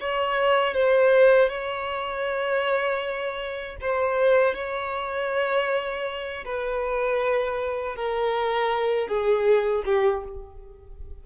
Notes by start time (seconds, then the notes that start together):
0.00 C#5
0.74 C5
1.49 C#5
3.81 C5
4.54 C#5
6.45 B4
7.95 A#4
9.08 G#4
9.85 G4